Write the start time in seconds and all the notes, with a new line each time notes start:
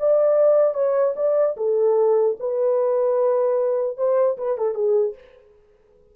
0.00 D5
0.74 C#5
1.16 D5
1.57 A4
2.40 B4
3.97 C5
4.38 B4
4.58 A4
4.75 G#4